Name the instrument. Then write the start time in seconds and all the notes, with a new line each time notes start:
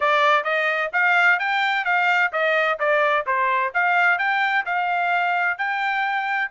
trumpet
0.00 D5
0.44 D#5
0.92 F5
1.39 G5
1.84 F5
2.32 D#5
2.79 D5
3.26 C5
3.73 F5
4.18 G5
4.65 F5
5.58 G5